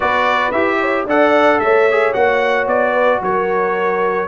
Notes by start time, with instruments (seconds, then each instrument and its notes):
0.00 tuba B3, trombone F#4, horn B4, trumpet D5
0.51 tuba E4, trombone G4, trumpet E5
0.80 horn C#5
1.05 tuba D4, trombone A4, horn D5, trumpet F#5
1.59 tuba A3, horn C#5, trumpet E5
1.91 trombone G#4
2.13 tuba A#3, trombone F#4, trumpet F#5
2.66 tuba B3, trumpet D5
2.93 horn B4
3.21 tuba F#3, horn A#4, trumpet C#5